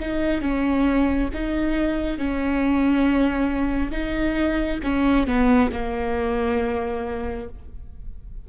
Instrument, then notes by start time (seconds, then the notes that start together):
viola
0.00 D#4
0.42 C#4
1.34 D#4
2.19 C#4
3.92 D#4
4.84 C#4
5.27 B3
5.72 A#3